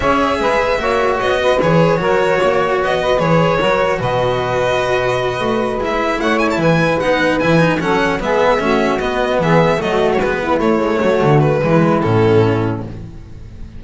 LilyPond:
<<
  \new Staff \with { instrumentName = "violin" } { \time 4/4 \tempo 4 = 150 e''2. dis''4 | cis''2. dis''4 | cis''2 dis''2~ | dis''2~ dis''8 e''4 fis''8 |
gis''16 a''16 gis''4 fis''4 gis''4 fis''8~ | fis''8 e''2 dis''4 e''8~ | e''8 dis''8. cis''16 b'4 cis''4.~ | cis''8 b'4. a'2 | }
  \new Staff \with { instrumentName = "saxophone" } { \time 4/4 cis''4 b'4 cis''4. b'8~ | b'4 ais'4 cis''4. b'8~ | b'4 ais'4 b'2~ | b'2.~ b'8 cis''8~ |
cis''8 b'2. a'8~ | a'8 gis'4 fis'2 gis'8~ | gis'8 fis'4. e'4. fis'8~ | fis'4 e'2. | }
  \new Staff \with { instrumentName = "cello" } { \time 4/4 gis'2 fis'2 | gis'4 fis'2. | gis'4 fis'2.~ | fis'2~ fis'8 e'4.~ |
e'4. dis'4 e'8 dis'8 cis'8~ | cis'8 b4 cis'4 b4.~ | b8 a4 b4 a4.~ | a4 gis4 cis'2 | }
  \new Staff \with { instrumentName = "double bass" } { \time 4/4 cis'4 gis4 ais4 b4 | e4 fis4 ais4 b4 | e4 fis4 b,2~ | b,4. a4 gis4 a8~ |
a8 e4 b4 e4 fis8~ | fis8 gis4 a4 b4 e8~ | e8 fis4 gis4 a8 gis8 fis8 | d4 e4 a,2 | }
>>